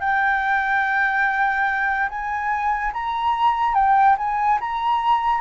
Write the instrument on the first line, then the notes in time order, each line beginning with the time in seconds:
flute
0.00 G5
2.09 G#5
2.93 A#5
3.74 G5
4.17 G#5
4.60 A#5